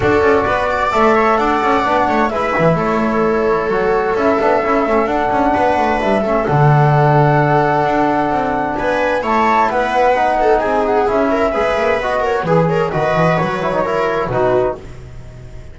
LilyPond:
<<
  \new Staff \with { instrumentName = "flute" } { \time 4/4 \tempo 4 = 130 d''2 e''4 fis''4~ | fis''4 e''4 cis''2~ | cis''4 e''2 fis''4~ | fis''4 e''4 fis''2~ |
fis''2. gis''4 | a''4 fis''2 gis''8 fis''8 | e''2 dis''8 cis''8 b'8 cis''8 | dis''4 cis''2 b'4 | }
  \new Staff \with { instrumentName = "viola" } { \time 4/4 a'4 b'8 d''4 cis''8 d''4~ | d''8 cis''8 b'4 a'2~ | a'1 | b'4. a'2~ a'8~ |
a'2. b'4 | cis''4 b'4. a'8 gis'4~ | gis'8 ais'8 b'4. ais'8 gis'8 ais'8 | b'2 ais'4 fis'4 | }
  \new Staff \with { instrumentName = "trombone" } { \time 4/4 fis'2 a'2 | d'4 e'2. | fis'4 e'8 d'8 e'8 cis'8 d'4~ | d'4. cis'8 d'2~ |
d'1 | e'2 dis'2 | e'4 gis'4 fis'4 gis'4 | fis'4. e'16 dis'16 e'4 dis'4 | }
  \new Staff \with { instrumentName = "double bass" } { \time 4/4 d'8 cis'8 b4 a4 d'8 cis'8 | b8 a8 gis8 e8 a2 | fis4 cis'8 b8 cis'8 a8 d'8 cis'8 | b8 a8 g8 a8 d2~ |
d4 d'4 c'4 b4 | a4 b2 c'4 | cis'4 gis8 ais8 b4 e4 | dis8 e8 fis2 b,4 | }
>>